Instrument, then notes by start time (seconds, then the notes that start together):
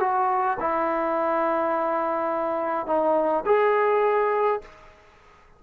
trombone
0.00 F#4
0.60 E4
2.87 D#4
3.46 G#4